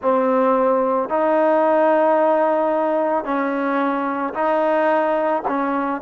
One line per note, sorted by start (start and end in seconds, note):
0.01 1.09 C4
1.09 3.24 D#4
3.24 4.33 C#4
4.33 5.42 D#4
5.47 6.01 C#4